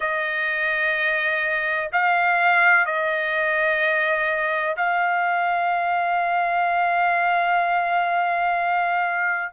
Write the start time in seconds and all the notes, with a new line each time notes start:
0.00 D#5
1.92 F5
2.85 D#5
4.76 F5